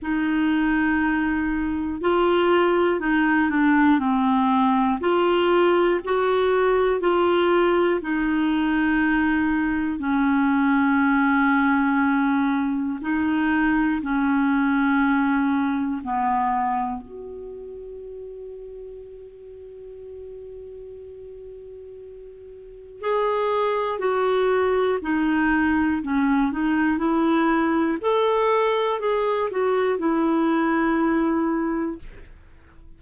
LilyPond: \new Staff \with { instrumentName = "clarinet" } { \time 4/4 \tempo 4 = 60 dis'2 f'4 dis'8 d'8 | c'4 f'4 fis'4 f'4 | dis'2 cis'2~ | cis'4 dis'4 cis'2 |
b4 fis'2.~ | fis'2. gis'4 | fis'4 dis'4 cis'8 dis'8 e'4 | a'4 gis'8 fis'8 e'2 | }